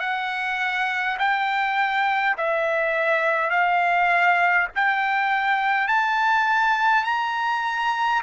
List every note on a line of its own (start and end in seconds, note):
0.00 1.18 F#5
1.19 2.37 G5
2.37 3.50 E5
3.50 4.68 F5
4.76 5.88 G5
5.88 7.04 A5
7.04 8.22 A#5